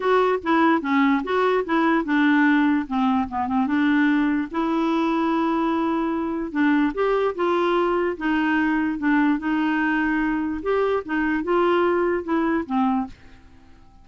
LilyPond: \new Staff \with { instrumentName = "clarinet" } { \time 4/4 \tempo 4 = 147 fis'4 e'4 cis'4 fis'4 | e'4 d'2 c'4 | b8 c'8 d'2 e'4~ | e'1 |
d'4 g'4 f'2 | dis'2 d'4 dis'4~ | dis'2 g'4 dis'4 | f'2 e'4 c'4 | }